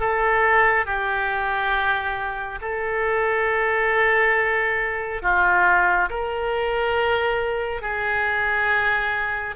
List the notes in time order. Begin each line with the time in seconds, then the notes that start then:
0.00 A4
0.85 G4
2.61 A4
5.22 F4
6.09 A#4
7.81 G#4